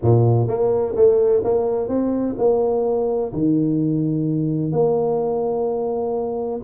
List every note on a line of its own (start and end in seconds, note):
0.02 0.47 A#2
0.47 0.94 A#3
0.95 1.42 A3
1.43 1.88 A#3
1.88 2.35 C4
2.38 3.32 A#3
3.33 4.71 D#3
4.71 6.60 A#3